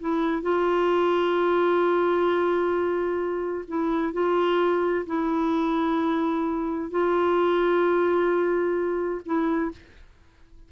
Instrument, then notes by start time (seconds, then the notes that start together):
clarinet
0.00 E4
0.42 F4
3.68 E4
4.13 F4
5.06 E4
6.91 F4
9.26 E4